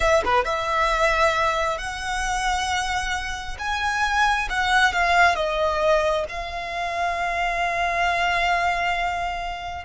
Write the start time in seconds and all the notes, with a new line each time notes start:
0.00 E5
0.24 B4
0.44 E5
1.77 F#5
3.59 G#5
4.49 F#5
4.93 F5
5.35 D#5
6.28 F5